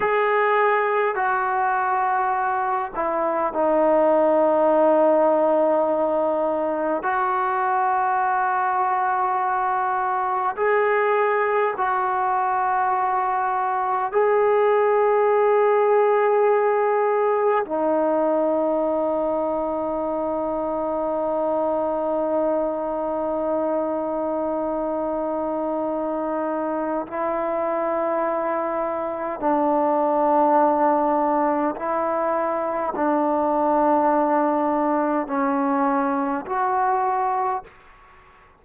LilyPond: \new Staff \with { instrumentName = "trombone" } { \time 4/4 \tempo 4 = 51 gis'4 fis'4. e'8 dis'4~ | dis'2 fis'2~ | fis'4 gis'4 fis'2 | gis'2. dis'4~ |
dis'1~ | dis'2. e'4~ | e'4 d'2 e'4 | d'2 cis'4 fis'4 | }